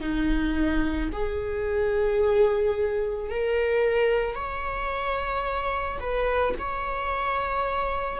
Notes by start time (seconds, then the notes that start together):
0.00 D#4
1.12 G#4
3.29 A#4
4.35 C#5
6.00 B4
6.59 C#5